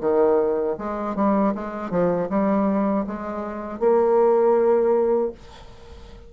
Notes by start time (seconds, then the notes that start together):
0.00 D#3
0.78 G#3
1.15 G3
1.54 G#3
1.90 F3
2.29 G3
3.06 G#3
3.79 A#3